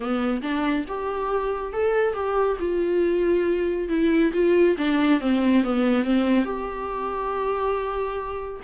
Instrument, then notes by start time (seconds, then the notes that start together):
viola
0.00 B3
0.42 D4
0.88 G4
1.72 A4
2.13 G4
2.59 F4
3.88 E4
4.33 F4
4.77 D4
5.20 C4
5.63 B3
6.04 C4
6.44 G4